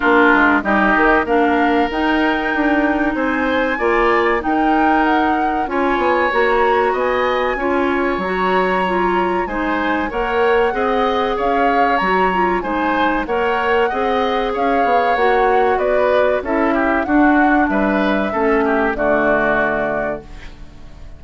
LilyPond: <<
  \new Staff \with { instrumentName = "flute" } { \time 4/4 \tempo 4 = 95 ais'4 dis''4 f''4 g''4~ | g''4 gis''2 g''4 | fis''4 gis''4 ais''4 gis''4~ | gis''4 ais''2 gis''4 |
fis''2 f''4 ais''4 | gis''4 fis''2 f''4 | fis''4 d''4 e''4 fis''4 | e''2 d''2 | }
  \new Staff \with { instrumentName = "oboe" } { \time 4/4 f'4 g'4 ais'2~ | ais'4 c''4 d''4 ais'4~ | ais'4 cis''2 dis''4 | cis''2. c''4 |
cis''4 dis''4 cis''2 | c''4 cis''4 dis''4 cis''4~ | cis''4 b'4 a'8 g'8 fis'4 | b'4 a'8 g'8 fis'2 | }
  \new Staff \with { instrumentName = "clarinet" } { \time 4/4 d'4 dis'4 d'4 dis'4~ | dis'2 f'4 dis'4~ | dis'4 f'4 fis'2 | f'4 fis'4 f'4 dis'4 |
ais'4 gis'2 fis'8 f'8 | dis'4 ais'4 gis'2 | fis'2 e'4 d'4~ | d'4 cis'4 a2 | }
  \new Staff \with { instrumentName = "bassoon" } { \time 4/4 ais8 gis8 g8 dis8 ais4 dis'4 | d'4 c'4 ais4 dis'4~ | dis'4 cis'8 b8 ais4 b4 | cis'4 fis2 gis4 |
ais4 c'4 cis'4 fis4 | gis4 ais4 c'4 cis'8 b8 | ais4 b4 cis'4 d'4 | g4 a4 d2 | }
>>